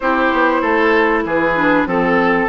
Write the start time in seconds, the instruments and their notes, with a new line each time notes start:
0.00 bassoon C4, clarinet E4, oboe G4, flute C5
0.32 bassoon B3
0.61 bassoon A3, oboe A4
1.24 bassoon E3, oboe G#4, flute B4
1.56 clarinet D4
1.85 bassoon F3, clarinet C4, oboe A4, flute A4